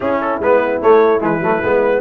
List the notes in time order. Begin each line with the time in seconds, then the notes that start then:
0.00 C#4 E4 G#4
0.21 A4
0.39 G#3 B3 B4
0.81 A3 C#5
1.19 E3 G#3 B4
1.39 F#3 A3
1.63 G#3 B3